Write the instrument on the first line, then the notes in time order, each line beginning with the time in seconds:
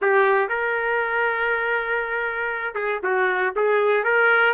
trumpet
0.01 G4
0.49 A#4
2.74 G#4
3.03 F#4
3.55 G#4
4.04 A#4